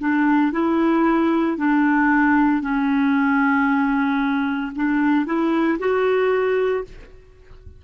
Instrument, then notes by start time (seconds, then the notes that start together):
clarinet
0.00 D4
0.53 E4
1.58 D4
2.62 C#4
4.76 D4
5.26 E4
5.79 F#4